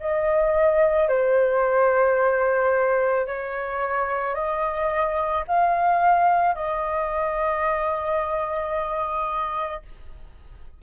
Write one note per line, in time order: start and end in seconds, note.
0.00 1.09 D#5
1.09 3.27 C5
3.27 4.35 C#5
4.35 5.44 D#5
5.47 6.55 F5
6.55 9.82 D#5